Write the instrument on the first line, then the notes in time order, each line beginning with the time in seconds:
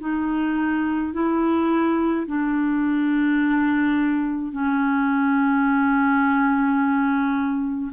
clarinet
0.00 D#4
1.13 E4
2.27 D4
4.52 C#4